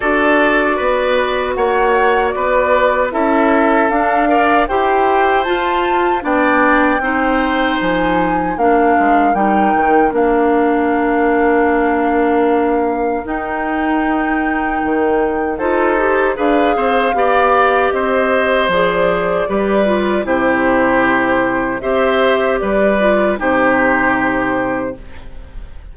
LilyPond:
<<
  \new Staff \with { instrumentName = "flute" } { \time 4/4 \tempo 4 = 77 d''2 fis''4 d''4 | e''4 f''4 g''4 a''4 | g''2 gis''4 f''4 | g''4 f''2.~ |
f''4 g''2. | c''4 f''2 dis''4 | d''2 c''2 | e''4 d''4 c''2 | }
  \new Staff \with { instrumentName = "oboe" } { \time 4/4 a'4 b'4 cis''4 b'4 | a'4. d''8 c''2 | d''4 c''2 ais'4~ | ais'1~ |
ais'1 | a'4 b'8 c''8 d''4 c''4~ | c''4 b'4 g'2 | c''4 b'4 g'2 | }
  \new Staff \with { instrumentName = "clarinet" } { \time 4/4 fis'1 | e'4 d'8 ais'8 g'4 f'4 | d'4 dis'2 d'4 | dis'4 d'2.~ |
d'4 dis'2. | f'8 g'8 gis'4 g'2 | gis'4 g'8 f'8 e'2 | g'4. f'8 dis'2 | }
  \new Staff \with { instrumentName = "bassoon" } { \time 4/4 d'4 b4 ais4 b4 | cis'4 d'4 e'4 f'4 | b4 c'4 f4 ais8 gis8 | g8 dis8 ais2.~ |
ais4 dis'2 dis4 | dis'4 d'8 c'8 b4 c'4 | f4 g4 c2 | c'4 g4 c2 | }
>>